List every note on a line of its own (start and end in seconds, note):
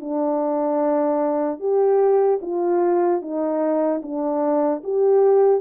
0.00 1.60 D4
1.60 2.40 G4
2.41 3.21 F4
3.21 4.01 D#4
4.02 4.82 D4
4.83 5.61 G4